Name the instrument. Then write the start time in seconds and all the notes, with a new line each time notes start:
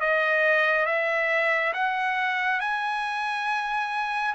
trumpet
0.00 D#5
0.86 E5
1.74 F#5
2.60 G#5